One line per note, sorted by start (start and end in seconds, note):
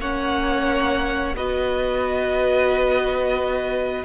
0.00 1.35 A#3
0.00 1.36 C#4
0.00 1.35 C#5
0.00 1.36 F#5
1.35 4.05 B3
1.35 4.05 F#4
1.35 4.05 B4
1.35 4.05 D#5